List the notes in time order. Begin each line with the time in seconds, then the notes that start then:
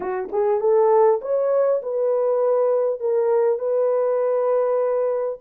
0.00 F#4
0.31 G#4
0.60 A4
1.21 C#5
1.82 B4
2.99 A#4
3.58 B4